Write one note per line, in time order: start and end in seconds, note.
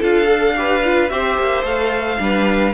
0.00 1.11 D4
0.00 0.25 F4
0.00 0.55 A4
0.00 1.09 F5
0.25 0.52 A4
0.57 0.84 G4
0.57 1.12 B4
0.85 1.09 F4
1.09 1.38 C4
1.09 1.63 G4
1.09 2.21 C5
1.09 1.64 E5
1.40 1.64 A#3
1.64 2.18 A3
1.64 2.18 A4
1.64 2.74 F5
2.18 2.74 G3
2.18 2.73 D4
2.18 2.74 B4